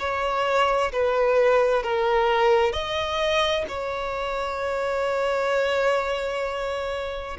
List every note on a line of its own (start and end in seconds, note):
0.00 0.92 C#5
0.93 1.84 B4
1.84 2.73 A#4
2.73 3.65 D#5
3.69 7.38 C#5